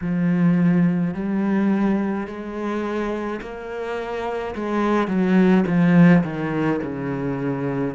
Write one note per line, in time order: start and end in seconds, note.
0.01 1.14 F3
1.14 2.27 G3
2.27 3.40 G#3
3.41 4.54 A#3
4.55 5.07 G#3
5.07 5.63 F#3
5.66 6.23 F3
6.23 6.80 D#3
6.82 7.95 C#3